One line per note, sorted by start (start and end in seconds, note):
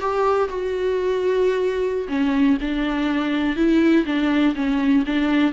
0.00 0.49 G4
0.49 2.08 F#4
2.09 2.58 C#4
2.61 3.57 D4
3.57 4.05 E4
4.06 4.55 D4
4.55 5.04 C#4
5.06 5.53 D4